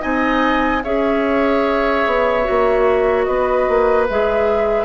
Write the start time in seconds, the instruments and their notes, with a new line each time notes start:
0.00 bassoon C4, clarinet D#4, oboe D#5, flute G#5
0.83 bassoon C#4, clarinet G#4, oboe C#5, flute E5
2.06 bassoon B3
2.44 clarinet F#4
2.50 bassoon A#3
3.24 bassoon B3, oboe B4, flute D#5
3.69 bassoon A#3
4.10 bassoon G#3, clarinet G#4, flute E5